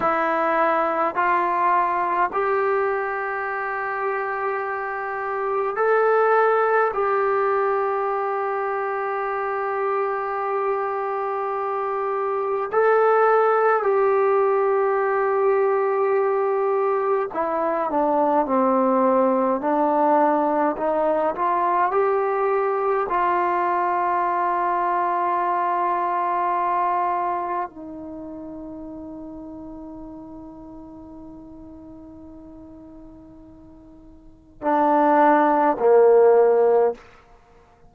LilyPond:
\new Staff \with { instrumentName = "trombone" } { \time 4/4 \tempo 4 = 52 e'4 f'4 g'2~ | g'4 a'4 g'2~ | g'2. a'4 | g'2. e'8 d'8 |
c'4 d'4 dis'8 f'8 g'4 | f'1 | dis'1~ | dis'2 d'4 ais4 | }